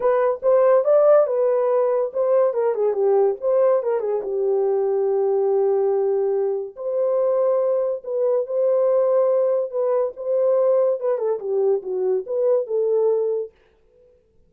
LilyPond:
\new Staff \with { instrumentName = "horn" } { \time 4/4 \tempo 4 = 142 b'4 c''4 d''4 b'4~ | b'4 c''4 ais'8 gis'8 g'4 | c''4 ais'8 gis'8 g'2~ | g'1 |
c''2. b'4 | c''2. b'4 | c''2 b'8 a'8 g'4 | fis'4 b'4 a'2 | }